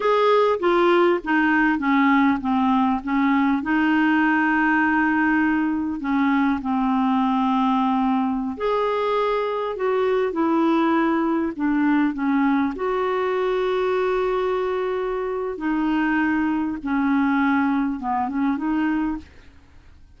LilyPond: \new Staff \with { instrumentName = "clarinet" } { \time 4/4 \tempo 4 = 100 gis'4 f'4 dis'4 cis'4 | c'4 cis'4 dis'2~ | dis'2 cis'4 c'4~ | c'2~ c'16 gis'4.~ gis'16~ |
gis'16 fis'4 e'2 d'8.~ | d'16 cis'4 fis'2~ fis'8.~ | fis'2 dis'2 | cis'2 b8 cis'8 dis'4 | }